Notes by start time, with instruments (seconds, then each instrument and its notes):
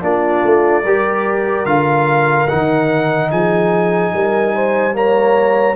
0.00 tuba A#3, trombone D4, horn F4, trumpet D5
0.44 tuba A3
0.83 tuba G3, trombone G4, horn A#4
1.65 tuba D3, trombone F4, trumpet F5
2.47 tuba D#3, trombone D#4, trumpet F#5
3.30 tuba F3, horn G#4, trumpet G#5
4.13 tuba G3, horn A#4
4.54 horn C5
4.92 trombone A#3, horn C#5, trumpet A#5